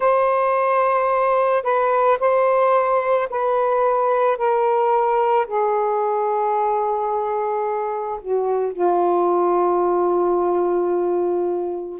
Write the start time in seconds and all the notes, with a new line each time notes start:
0.00 C5
1.63 B4
2.19 C5
3.30 B4
4.37 A#4
5.46 G#4
8.21 F#4
8.72 F4